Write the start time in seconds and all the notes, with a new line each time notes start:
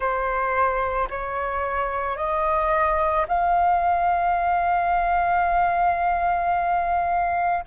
0.00 C5
1.10 C#5
2.17 D#5
3.27 F5